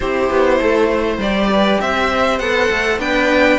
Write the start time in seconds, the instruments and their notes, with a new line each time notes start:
0.00 cello C4 E4, viola G4, violin C5
0.30 cello B3
0.59 cello A3, viola A4
0.89 viola C5
1.17 cello G3 G4, violin D5
1.51 viola B4
1.80 cello C4, viola C5, violin E5
2.39 cello B3 A4, violin F#5
2.70 cello A3
2.98 cello B3 D4, viola B4, violin G5